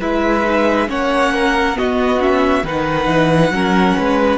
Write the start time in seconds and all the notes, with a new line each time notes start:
0.00 G#3 E4 B4 E5
0.44 D#4
0.87 A#3 C#4 C#5 F#5
1.34 A#4
1.74 B3 F#4 D#5
2.20 C#4 E5
2.63 D#3 D#4 B4 F#5
3.07 E3
3.50 F#3 C#4 A#4
3.97 G#3 B4